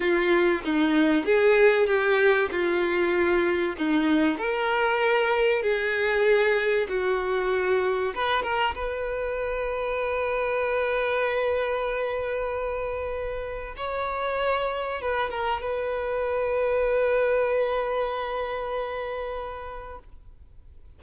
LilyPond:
\new Staff \with { instrumentName = "violin" } { \time 4/4 \tempo 4 = 96 f'4 dis'4 gis'4 g'4 | f'2 dis'4 ais'4~ | ais'4 gis'2 fis'4~ | fis'4 b'8 ais'8 b'2~ |
b'1~ | b'2 cis''2 | b'8 ais'8 b'2.~ | b'1 | }